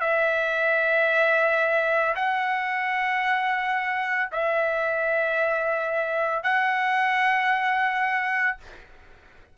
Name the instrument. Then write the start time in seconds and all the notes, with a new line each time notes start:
trumpet
0.00 E5
2.15 F#5
4.31 E5
6.43 F#5